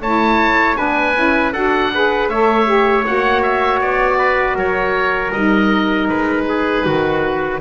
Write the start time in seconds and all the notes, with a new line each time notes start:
0.00 A3 E4 C#5 A5
0.75 B3 D4 B4 G#5
1.15 C#4 E4
1.52 D4 F#4 A4 F#5
1.93 G#4 B4
2.28 A3 A4 C#5 E5
2.65 G4
3.05 A#3 F#4 F#5
3.42 E5
3.81 B3 D5
4.18 B4
4.55 F#3 A#4 C#5
5.32 G3 D#4 D#5
6.09 G#3 B4
6.48 G#4
6.85 D#3 F#4